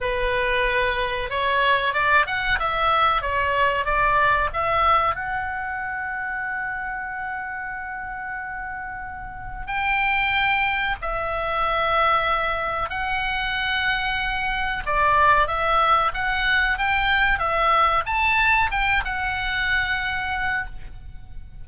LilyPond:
\new Staff \with { instrumentName = "oboe" } { \time 4/4 \tempo 4 = 93 b'2 cis''4 d''8 fis''8 | e''4 cis''4 d''4 e''4 | fis''1~ | fis''2. g''4~ |
g''4 e''2. | fis''2. d''4 | e''4 fis''4 g''4 e''4 | a''4 g''8 fis''2~ fis''8 | }